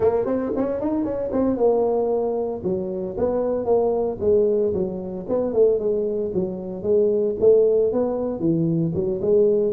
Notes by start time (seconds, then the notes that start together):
0.00 A#3
0.25 C4
0.56 C#4
0.80 D#4
1.04 C#4
1.32 C4
1.56 A#3
2.63 F#3
3.17 B3
3.65 A#3
4.20 G#3
4.73 F#3
5.28 B3
5.53 A3
5.79 G#3
6.34 F#3
6.83 G#3
7.39 A3
7.92 B3
8.39 E3
8.94 F#3
9.21 G#3